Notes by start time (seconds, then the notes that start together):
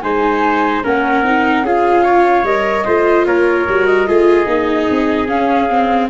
0.00 G#3 D#4 C5 G#5
0.83 A#3 C#4 A#4 F#5
1.22 C4 D#4
1.62 C#4 F4 G#4 F5
2.03 C#5
2.43 G3 A#4 D#5
2.85 A3 F4 C5
3.25 A#3 A#4 C#5
3.68 G3 F#4
3.85 D#5
4.06 A3 F4 G#4
4.45 A#3 D#4
4.90 C4
5.28 C#4 F5
5.69 C4